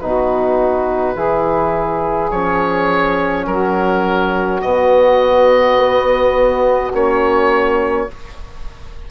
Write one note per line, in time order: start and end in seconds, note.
0.00 1.16 B2
0.00 1.16 D#4
0.00 1.14 F#4
0.00 2.31 B4
1.14 2.31 E3
1.14 2.32 E4
1.14 3.45 G#4
2.31 3.46 F3
2.31 4.62 C#4
2.31 3.46 C#5
3.46 4.62 F#3
3.46 8.11 F#4
3.46 4.61 A#4
4.61 5.77 B2
4.61 6.93 B3
4.61 6.92 D#5
5.77 6.92 B3
6.93 8.09 A#3
6.93 8.09 C#4
6.93 8.10 C#5